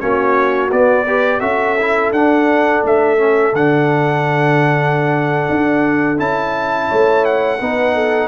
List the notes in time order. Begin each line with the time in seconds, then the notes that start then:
0.00 A#3 C#4 F#4 C#5
0.72 B3 D5
1.05 G4 B4
1.40 C#4 F#4 A4 E5
1.80 E4
2.12 D4 F#5
2.84 A3 E5
3.17 C#4
3.53 D3 D4 F#5
5.50 D4
6.18 C#4 E4 A5
6.88 A3 C#5
7.25 F#5
7.60 B3 D#4 B4
7.94 A4